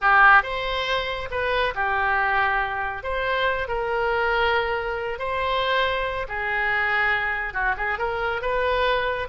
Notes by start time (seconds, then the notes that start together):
0.01 G4
0.42 C5
1.30 B4
1.74 G4
3.03 C5
3.67 A#4
5.19 C5
6.28 G#4
7.53 F#4
7.77 G#4
7.98 A#4
8.41 B4